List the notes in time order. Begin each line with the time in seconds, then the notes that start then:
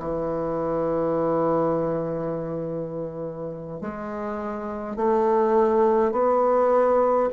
0.00 E3
3.81 G#3
4.97 A3
6.12 B3